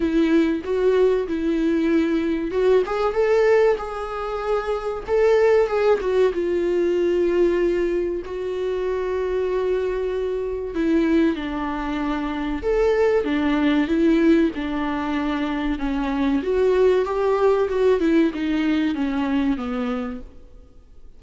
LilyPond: \new Staff \with { instrumentName = "viola" } { \time 4/4 \tempo 4 = 95 e'4 fis'4 e'2 | fis'8 gis'8 a'4 gis'2 | a'4 gis'8 fis'8 f'2~ | f'4 fis'2.~ |
fis'4 e'4 d'2 | a'4 d'4 e'4 d'4~ | d'4 cis'4 fis'4 g'4 | fis'8 e'8 dis'4 cis'4 b4 | }